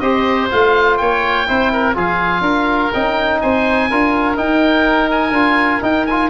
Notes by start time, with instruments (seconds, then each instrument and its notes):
0.00 tuba C4, trombone G4, oboe C5 D#5
0.50 tuba A3, trombone F4, oboe F5
0.97 tuba A#3, oboe C#5 G5
1.47 tuba C4, trombone E4, oboe C5
1.73 oboe A#4
1.95 tuba F3, trombone F4, oboe G#4 F5
2.41 tuba D4, oboe A#4
2.94 tuba C#4, trombone D#4, oboe G5
3.41 tuba C4, oboe C5 G#5
3.90 tuba D4, trombone F4, oboe A#4
4.36 trombone D#4, tuba D#4, oboe G5
5.11 oboe G#5
5.32 tuba D4, trombone F4
5.82 trombone D#4, tuba D#4, oboe G5
6.06 trombone F4, oboe G#5